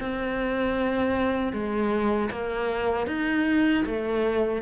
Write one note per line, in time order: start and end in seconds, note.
0.00 1.53 C4
1.53 2.30 G#3
2.31 3.07 A#3
3.07 3.84 D#4
3.86 4.62 A3